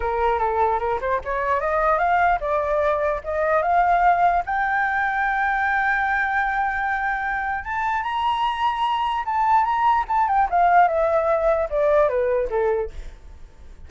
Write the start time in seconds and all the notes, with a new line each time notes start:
0.00 A#4
0.38 A4
0.79 A#4
1.01 C5
1.24 C#5
1.60 D#5
1.98 F5
2.40 D5
3.24 D#5
3.62 F5
4.45 G5
7.64 A5
8.03 A#5
9.25 A5
9.64 A#5
10.08 A5
10.28 G5
10.50 F5
10.88 E5
11.70 D5
12.08 B4
12.50 A4